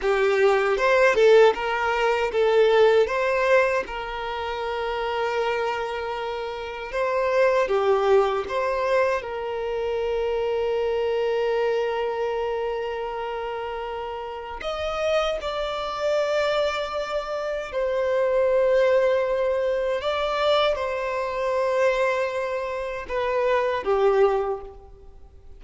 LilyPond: \new Staff \with { instrumentName = "violin" } { \time 4/4 \tempo 4 = 78 g'4 c''8 a'8 ais'4 a'4 | c''4 ais'2.~ | ais'4 c''4 g'4 c''4 | ais'1~ |
ais'2. dis''4 | d''2. c''4~ | c''2 d''4 c''4~ | c''2 b'4 g'4 | }